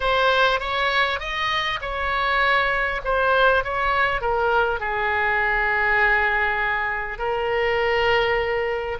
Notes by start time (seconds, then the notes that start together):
0.00 C5
0.60 C#5
1.19 D#5
1.81 C#5
3.04 C5
3.64 C#5
4.21 A#4
4.80 G#4
7.18 A#4